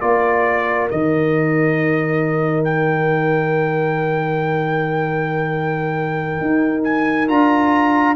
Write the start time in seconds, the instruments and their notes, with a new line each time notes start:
0.00 tuba A#3, trombone F4, horn A#4, trumpet D5
0.89 tuba D#3, trombone D#4, trumpet D#5
2.64 trumpet G5
6.40 tuba D#4
6.83 trumpet G#5
7.27 tuba D4, trombone F4, trumpet A#5